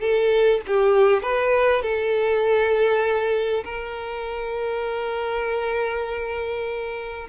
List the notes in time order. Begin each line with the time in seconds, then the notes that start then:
0.00 A4
0.66 G4
1.22 B4
1.82 A4
3.64 A#4